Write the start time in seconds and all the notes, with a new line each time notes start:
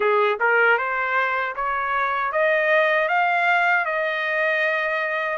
0.00 G#4
0.40 A#4
0.78 C5
1.55 C#5
2.31 D#5
3.08 F5
3.85 D#5